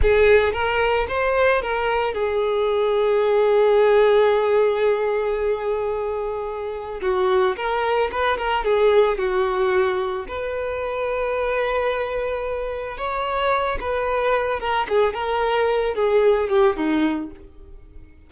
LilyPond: \new Staff \with { instrumentName = "violin" } { \time 4/4 \tempo 4 = 111 gis'4 ais'4 c''4 ais'4 | gis'1~ | gis'1~ | gis'4 fis'4 ais'4 b'8 ais'8 |
gis'4 fis'2 b'4~ | b'1 | cis''4. b'4. ais'8 gis'8 | ais'4. gis'4 g'8 dis'4 | }